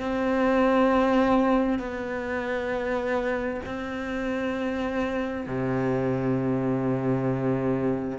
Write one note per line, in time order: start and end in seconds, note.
0.00 1.79 C4
1.79 3.61 B3
3.65 5.47 C4
5.47 8.19 C3